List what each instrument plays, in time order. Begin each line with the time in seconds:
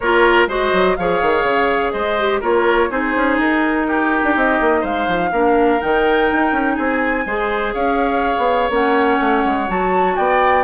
0.00 bassoon A#3, clarinet F4, oboe A#4, flute C#5
0.47 bassoon G#3, clarinet F#4, oboe C5, flute D#5
0.72 bassoon F#3
0.96 bassoon F3, clarinet G#4, oboe C#5, flute F5
1.21 bassoon D#3
1.43 bassoon C#3
1.91 bassoon G#3, oboe C5, flute D#5
2.19 clarinet G4
2.40 bassoon A#3, clarinet F4, oboe A#4, flute C#5
2.89 bassoon C4, clarinet D#4, oboe G#4, flute C5
3.16 bassoon C#4
3.37 bassoon D#4, flute A#4
3.87 oboe G4
4.23 bassoon D4
4.35 bassoon C4, flute D#5
4.61 bassoon A#3
4.80 bassoon G#3, oboe C5, flute F5
5.07 bassoon F3
5.32 bassoon A#3, clarinet D4, oboe A#4
5.80 bassoon D#3, clarinet D#4, flute G5
6.32 bassoon D#4
6.52 bassoon C#4
6.75 bassoon C4, oboe G#4, flute G#5
7.25 bassoon G#3, clarinet G#4, oboe C5
7.74 bassoon C#4, oboe C#5, flute F5
8.37 bassoon B3
8.69 bassoon A#3, clarinet C#4, flute F#5
9.20 bassoon A3
9.44 bassoon G#3
9.67 bassoon F#3, clarinet F#4, flute A5
10.16 bassoon B3, oboe D5, flute G5